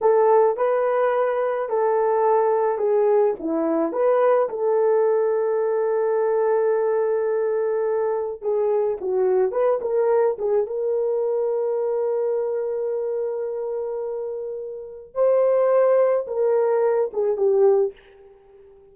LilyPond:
\new Staff \with { instrumentName = "horn" } { \time 4/4 \tempo 4 = 107 a'4 b'2 a'4~ | a'4 gis'4 e'4 b'4 | a'1~ | a'2. gis'4 |
fis'4 b'8 ais'4 gis'8 ais'4~ | ais'1~ | ais'2. c''4~ | c''4 ais'4. gis'8 g'4 | }